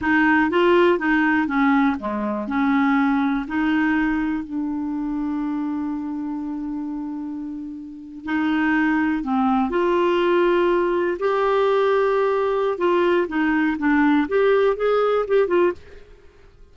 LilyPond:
\new Staff \with { instrumentName = "clarinet" } { \time 4/4 \tempo 4 = 122 dis'4 f'4 dis'4 cis'4 | gis4 cis'2 dis'4~ | dis'4 d'2.~ | d'1~ |
d'8. dis'2 c'4 f'16~ | f'2~ f'8. g'4~ g'16~ | g'2 f'4 dis'4 | d'4 g'4 gis'4 g'8 f'8 | }